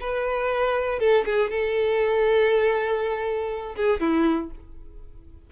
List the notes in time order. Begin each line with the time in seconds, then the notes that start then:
0.00 B4
0.99 A4
1.25 G#4
1.50 A4
3.76 G#4
4.00 E4